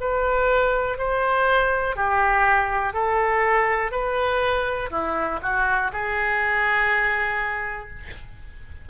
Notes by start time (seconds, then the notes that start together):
0.00 B4
0.98 C5
1.96 G4
2.93 A4
3.91 B4
4.90 E4
5.42 F#4
5.93 G#4